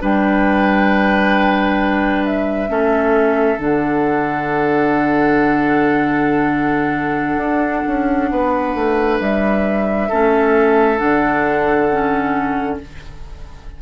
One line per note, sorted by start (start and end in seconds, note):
0.00 2.69 G3
0.00 2.69 D4
0.00 2.70 B4
0.00 2.26 G5
2.26 3.60 E5
2.69 3.58 A3
2.69 3.58 C#4
2.69 8.30 A4
3.58 7.37 D3
3.58 10.08 D4
3.58 9.20 F#5
7.37 7.82 D4
7.87 8.31 C#4
8.31 8.75 B3
8.31 10.09 B4
8.75 9.20 A3
9.20 10.10 G3
9.20 10.99 E5
10.09 11.01 A3
10.09 10.98 C#4
10.09 12.78 A4
10.98 12.80 D3
10.98 11.88 D4
10.98 12.78 F#5
11.92 12.82 C#4